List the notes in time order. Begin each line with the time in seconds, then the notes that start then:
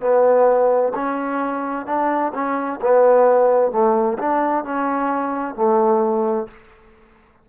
0.00 B3
0.94 C#4
1.86 D4
2.34 C#4
2.81 B3
3.71 A3
4.18 D4
4.64 C#4
5.55 A3